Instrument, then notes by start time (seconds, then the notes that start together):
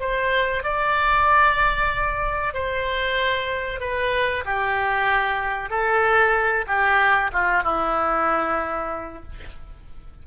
oboe
0.00 C5
0.64 D5
2.54 C5
3.80 B4
4.45 G4
5.70 A4
6.67 G4
7.33 F4
7.64 E4